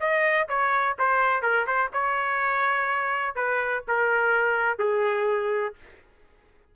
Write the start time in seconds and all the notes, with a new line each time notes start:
0.00 D#5
0.49 C#5
0.99 C5
1.42 A#4
1.66 C5
1.93 C#5
3.35 B4
3.88 A#4
4.78 G#4